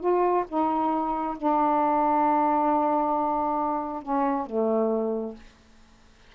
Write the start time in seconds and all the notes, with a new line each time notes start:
0.00 F4
0.48 D#4
1.37 D4
4.02 C#4
4.46 A3